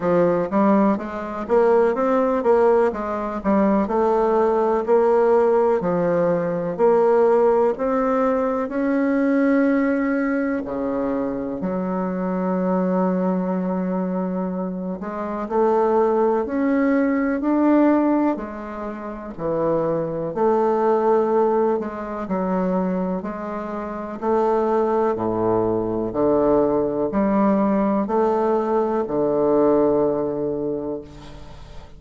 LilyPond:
\new Staff \with { instrumentName = "bassoon" } { \time 4/4 \tempo 4 = 62 f8 g8 gis8 ais8 c'8 ais8 gis8 g8 | a4 ais4 f4 ais4 | c'4 cis'2 cis4 | fis2.~ fis8 gis8 |
a4 cis'4 d'4 gis4 | e4 a4. gis8 fis4 | gis4 a4 a,4 d4 | g4 a4 d2 | }